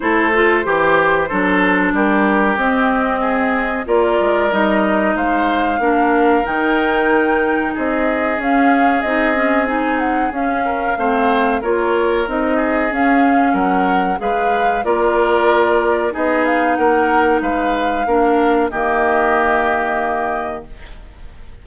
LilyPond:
<<
  \new Staff \with { instrumentName = "flute" } { \time 4/4 \tempo 4 = 93 c''2. ais'4 | dis''2 d''4 dis''4 | f''2 g''2 | dis''4 f''4 dis''4 gis''8 fis''8 |
f''2 cis''4 dis''4 | f''4 fis''4 f''4 d''4~ | d''4 dis''8 f''8 fis''4 f''4~ | f''4 dis''2. | }
  \new Staff \with { instrumentName = "oboe" } { \time 4/4 a'4 g'4 a'4 g'4~ | g'4 gis'4 ais'2 | c''4 ais'2. | gis'1~ |
gis'8 ais'8 c''4 ais'4. gis'8~ | gis'4 ais'4 b'4 ais'4~ | ais'4 gis'4 ais'4 b'4 | ais'4 g'2. | }
  \new Staff \with { instrumentName = "clarinet" } { \time 4/4 e'8 f'8 g'4 d'2 | c'2 f'4 dis'4~ | dis'4 d'4 dis'2~ | dis'4 cis'4 dis'8 cis'8 dis'4 |
cis'4 c'4 f'4 dis'4 | cis'2 gis'4 f'4~ | f'4 dis'2. | d'4 ais2. | }
  \new Staff \with { instrumentName = "bassoon" } { \time 4/4 a4 e4 fis4 g4 | c'2 ais8 gis8 g4 | gis4 ais4 dis2 | c'4 cis'4 c'2 |
cis'4 a4 ais4 c'4 | cis'4 fis4 gis4 ais4~ | ais4 b4 ais4 gis4 | ais4 dis2. | }
>>